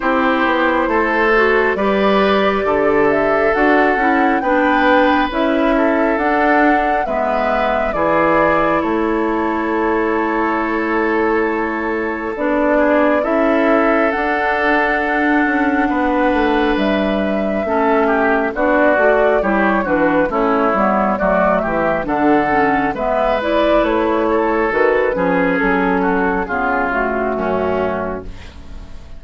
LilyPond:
<<
  \new Staff \with { instrumentName = "flute" } { \time 4/4 \tempo 4 = 68 c''2 d''4. e''8 | fis''4 g''4 e''4 fis''4 | e''4 d''4 cis''2~ | cis''2 d''4 e''4 |
fis''2. e''4~ | e''4 d''4 cis''8 b'8 cis''4 | d''8 e''8 fis''4 e''8 d''8 cis''4 | b'4 a'4 gis'8 fis'4. | }
  \new Staff \with { instrumentName = "oboe" } { \time 4/4 g'4 a'4 b'4 a'4~ | a'4 b'4. a'4. | b'4 gis'4 a'2~ | a'2~ a'8 gis'8 a'4~ |
a'2 b'2 | a'8 g'8 fis'4 g'8 fis'8 e'4 | fis'8 g'8 a'4 b'4. a'8~ | a'8 gis'4 fis'8 f'4 cis'4 | }
  \new Staff \with { instrumentName = "clarinet" } { \time 4/4 e'4. fis'8 g'2 | fis'8 e'8 d'4 e'4 d'4 | b4 e'2.~ | e'2 d'4 e'4 |
d'1 | cis'4 d'8 fis'8 e'8 d'8 cis'8 b8 | a4 d'8 cis'8 b8 e'4. | fis'8 cis'4. b8 a4. | }
  \new Staff \with { instrumentName = "bassoon" } { \time 4/4 c'8 b8 a4 g4 d4 | d'8 cis'8 b4 cis'4 d'4 | gis4 e4 a2~ | a2 b4 cis'4 |
d'4. cis'8 b8 a8 g4 | a4 b8 a8 g8 e8 a8 g8 | fis8 e8 d4 gis4 a4 | dis8 f8 fis4 cis4 fis,4 | }
>>